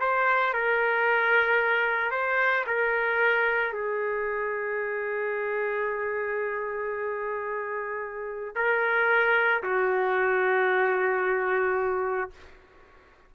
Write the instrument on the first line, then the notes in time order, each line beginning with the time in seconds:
trumpet
0.00 C5
0.54 A#4
2.11 C5
2.67 A#4
3.73 G#4
8.56 A#4
9.63 F#4